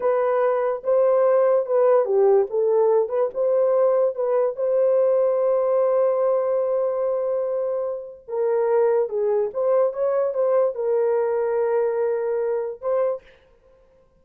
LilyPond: \new Staff \with { instrumentName = "horn" } { \time 4/4 \tempo 4 = 145 b'2 c''2 | b'4 g'4 a'4. b'8 | c''2 b'4 c''4~ | c''1~ |
c''1 | ais'2 gis'4 c''4 | cis''4 c''4 ais'2~ | ais'2. c''4 | }